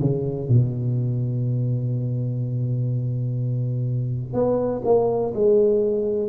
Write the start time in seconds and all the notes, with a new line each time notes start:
0.00 C#3
0.48 B2
4.33 B3
4.84 A#3
5.34 G#3